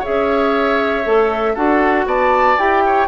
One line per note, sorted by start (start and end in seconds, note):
0.00 1.04 G#4
0.00 1.53 C#5
0.00 1.56 E5
0.08 1.06 C#4
1.04 1.56 A3
1.04 1.55 A4
1.54 2.06 D4
1.54 2.58 F#4
1.54 2.05 A4
1.54 2.07 F#5
2.06 2.57 B3
2.06 2.84 D5
2.06 2.59 A5
2.58 3.08 E4
2.58 3.08 G4
2.58 3.08 G5
2.86 3.08 C#5